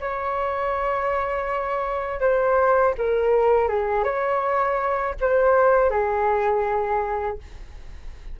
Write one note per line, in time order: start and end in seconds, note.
0.00 2.20 C#5
2.20 2.94 C5
2.97 3.68 A#4
3.68 4.03 G#4
4.03 5.14 C#5
5.20 5.90 C5
5.90 7.38 G#4